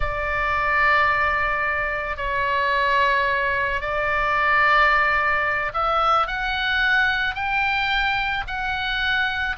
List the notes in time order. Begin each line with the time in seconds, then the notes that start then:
0.00 D5
2.17 C#5
3.81 D5
5.73 E5
6.27 F#5
7.34 G5
8.47 F#5